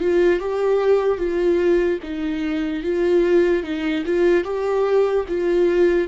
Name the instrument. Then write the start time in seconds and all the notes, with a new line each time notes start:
viola
0.00 F4
0.40 G4
1.18 F4
2.03 D#4
2.83 F4
3.63 D#4
4.06 F4
4.44 G4
5.29 F4